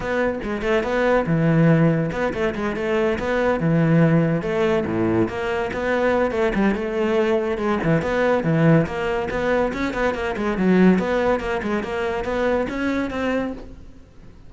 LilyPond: \new Staff \with { instrumentName = "cello" } { \time 4/4 \tempo 4 = 142 b4 gis8 a8 b4 e4~ | e4 b8 a8 gis8 a4 b8~ | b8 e2 a4 a,8~ | a,8 ais4 b4. a8 g8 |
a2 gis8 e8 b4 | e4 ais4 b4 cis'8 b8 | ais8 gis8 fis4 b4 ais8 gis8 | ais4 b4 cis'4 c'4 | }